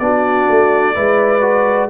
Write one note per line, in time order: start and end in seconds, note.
0.00 0.48 B3
0.00 0.95 D4
0.00 0.95 F#4
0.00 1.90 D5
0.49 0.96 A3
0.95 1.91 G#3
0.95 1.41 E4
0.95 1.90 B4
1.41 1.89 F#4